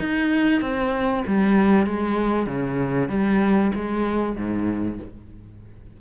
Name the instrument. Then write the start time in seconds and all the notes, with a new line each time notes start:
cello
0.00 D#4
0.61 C4
1.27 G3
1.87 G#3
2.47 C#3
3.09 G3
3.75 G#3
4.36 G#2